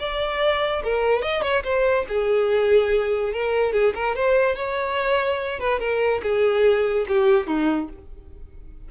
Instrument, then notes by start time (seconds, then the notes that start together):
violin
0.00 D5
0.84 A#4
1.23 D#5
1.43 C#5
1.64 C5
2.09 G#4
3.33 A#4
3.73 G#4
3.95 A#4
4.16 C5
4.56 C#5
5.60 B4
5.80 A#4
6.23 G#4
7.09 G4
7.47 D#4